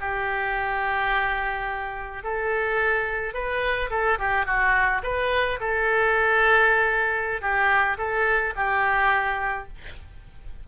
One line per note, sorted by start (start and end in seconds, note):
0.00 2.23 G4
2.23 3.34 A4
3.34 3.90 B4
3.90 4.18 A4
4.19 4.46 G4
4.46 5.02 F#4
5.03 5.59 B4
5.60 7.41 A4
7.41 7.97 G4
7.98 8.54 A4
8.56 9.68 G4